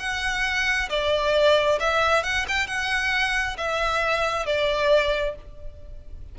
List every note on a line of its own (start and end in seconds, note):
0.00 0.90 F#5
0.90 1.79 D5
1.80 2.23 E5
2.23 2.46 F#5
2.48 2.67 G5
2.67 3.57 F#5
3.58 4.46 E5
4.46 5.36 D5